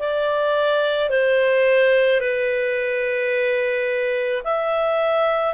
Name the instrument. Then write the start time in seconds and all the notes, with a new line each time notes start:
clarinet
0.00 D5
1.10 C5
2.21 B4
4.45 E5